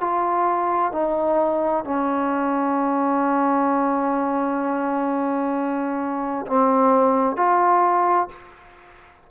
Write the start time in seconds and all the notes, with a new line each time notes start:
0.00 F4
0.92 D#4
1.84 C#4
6.46 C4
7.36 F4